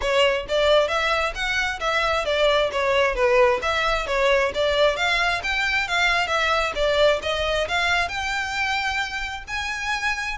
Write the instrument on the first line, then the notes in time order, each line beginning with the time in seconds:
violin
0.01 C#5
0.48 D5
0.88 E5
1.34 F#5
1.80 E5
2.25 D5
2.71 C#5
3.15 B4
3.62 E5
4.06 C#5
4.54 D5
4.96 F5
5.43 G5
5.87 F5
6.27 E5
6.75 D5
7.22 D#5
7.68 F5
8.08 G5
9.47 G#5